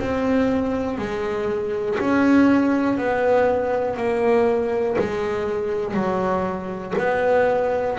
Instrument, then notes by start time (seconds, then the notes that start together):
double bass
0.00 C4
0.99 G#3
2.00 C#4
2.98 B3
3.97 A#3
4.99 G#3
5.95 F#3
6.99 B3